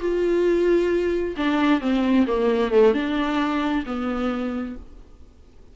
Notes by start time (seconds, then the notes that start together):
0.00 F4
1.37 D4
1.81 C4
2.27 A#3
2.71 A3
2.94 D4
3.86 B3